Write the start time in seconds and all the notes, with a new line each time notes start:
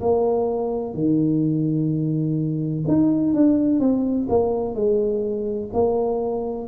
0.00 A#3
0.94 D#3
2.87 D#4
3.33 D4
3.79 C4
4.29 A#3
4.74 G#3
5.73 A#3